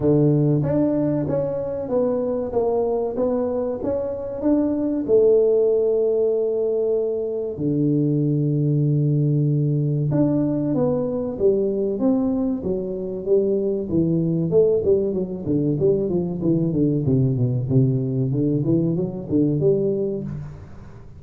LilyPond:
\new Staff \with { instrumentName = "tuba" } { \time 4/4 \tempo 4 = 95 d4 d'4 cis'4 b4 | ais4 b4 cis'4 d'4 | a1 | d1 |
d'4 b4 g4 c'4 | fis4 g4 e4 a8 g8 | fis8 d8 g8 f8 e8 d8 c8 b,8 | c4 d8 e8 fis8 d8 g4 | }